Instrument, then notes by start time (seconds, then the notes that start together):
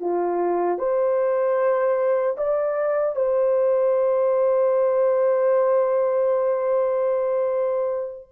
horn
0.00 F4
0.79 C5
2.37 D5
3.15 C5